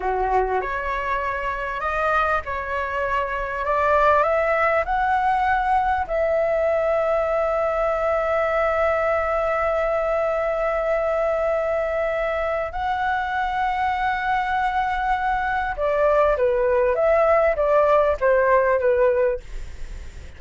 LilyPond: \new Staff \with { instrumentName = "flute" } { \time 4/4 \tempo 4 = 99 fis'4 cis''2 dis''4 | cis''2 d''4 e''4 | fis''2 e''2~ | e''1~ |
e''1~ | e''4 fis''2.~ | fis''2 d''4 b'4 | e''4 d''4 c''4 b'4 | }